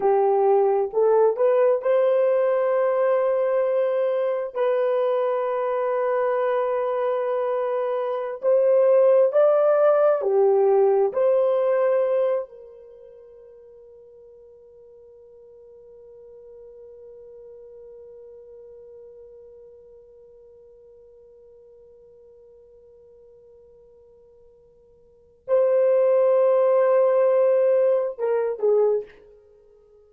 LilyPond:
\new Staff \with { instrumentName = "horn" } { \time 4/4 \tempo 4 = 66 g'4 a'8 b'8 c''2~ | c''4 b'2.~ | b'4~ b'16 c''4 d''4 g'8.~ | g'16 c''4. ais'2~ ais'16~ |
ais'1~ | ais'1~ | ais'1 | c''2. ais'8 gis'8 | }